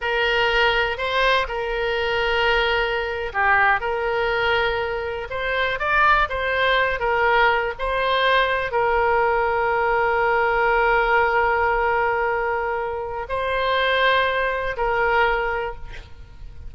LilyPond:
\new Staff \with { instrumentName = "oboe" } { \time 4/4 \tempo 4 = 122 ais'2 c''4 ais'4~ | ais'2~ ais'8. g'4 ais'16~ | ais'2~ ais'8. c''4 d''16~ | d''8. c''4. ais'4. c''16~ |
c''4.~ c''16 ais'2~ ais'16~ | ais'1~ | ais'2. c''4~ | c''2 ais'2 | }